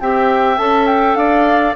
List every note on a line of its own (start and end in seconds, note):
0.00 0.58 C4
0.00 0.57 G4
0.00 1.18 E5
0.00 0.57 G5
0.57 1.15 C#4
0.57 1.74 A4
0.57 0.86 A5
0.86 1.15 G5
1.15 1.74 D4
1.15 1.75 D5
1.15 1.74 F5